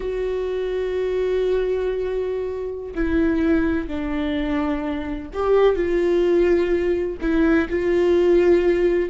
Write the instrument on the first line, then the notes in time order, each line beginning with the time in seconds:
viola
0.00 F#4
2.94 E4
3.87 D4
5.33 G4
5.75 F4
7.21 E4
7.69 F4